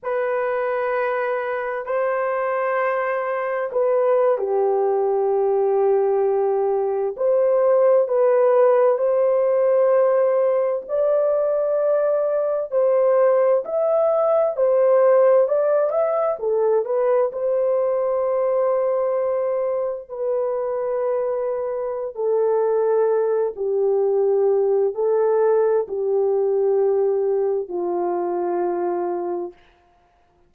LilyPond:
\new Staff \with { instrumentName = "horn" } { \time 4/4 \tempo 4 = 65 b'2 c''2 | b'8. g'2. c''16~ | c''8. b'4 c''2 d''16~ | d''4.~ d''16 c''4 e''4 c''16~ |
c''8. d''8 e''8 a'8 b'8 c''4~ c''16~ | c''4.~ c''16 b'2~ b'16 | a'4. g'4. a'4 | g'2 f'2 | }